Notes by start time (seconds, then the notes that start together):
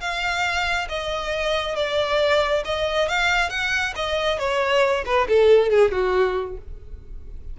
0.00 F5
0.88 D#5
1.75 D5
2.65 D#5
3.08 F5
3.49 F#5
3.95 D#5
4.39 C#5
5.05 B4
5.28 A4
5.70 G#4
5.91 F#4